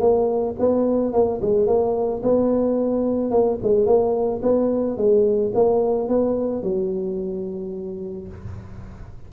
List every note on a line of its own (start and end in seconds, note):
0.00 0.55 A#3
0.59 1.13 B3
1.13 1.40 A#3
1.41 1.67 G#3
1.67 2.22 A#3
2.22 3.31 B3
3.31 3.58 A#3
3.63 3.86 G#3
3.86 4.41 A#3
4.42 4.97 B3
4.97 5.52 G#3
5.54 6.08 A#3
6.08 6.63 B3
6.63 8.28 F#3